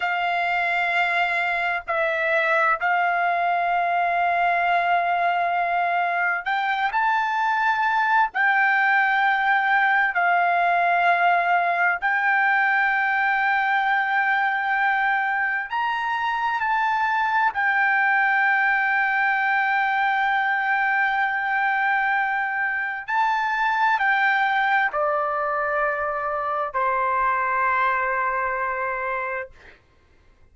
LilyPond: \new Staff \with { instrumentName = "trumpet" } { \time 4/4 \tempo 4 = 65 f''2 e''4 f''4~ | f''2. g''8 a''8~ | a''4 g''2 f''4~ | f''4 g''2.~ |
g''4 ais''4 a''4 g''4~ | g''1~ | g''4 a''4 g''4 d''4~ | d''4 c''2. | }